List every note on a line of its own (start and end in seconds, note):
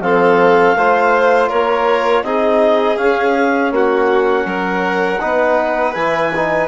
0.00 0.74 F3
0.00 0.76 C4
0.00 0.77 A4
0.00 1.49 F5
0.75 1.49 A3
0.75 2.24 F4
0.75 1.48 C5
1.48 2.23 A#3
1.48 2.23 A#4
1.48 2.23 C#5
2.23 2.97 C4
2.23 2.96 D#4
2.23 3.73 G#4
2.23 2.97 D#5
2.96 5.18 C#4
2.96 3.71 C#4
2.96 3.71 F5
3.71 4.45 A#3
3.71 4.46 F#4
3.71 5.93 F#5
4.45 5.19 F#3
4.45 5.20 A#4
5.20 5.95 B3
5.20 5.94 D#4
5.20 6.68 B4
5.93 6.68 E3
5.93 6.32 E4
5.93 6.67 G#5
6.36 6.68 D#4